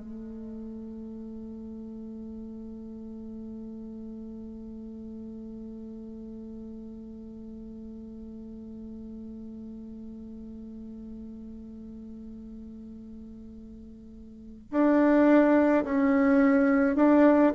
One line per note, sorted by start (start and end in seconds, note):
0.00 14.71 A3
14.71 15.84 D4
15.85 16.96 C#4
16.96 17.53 D4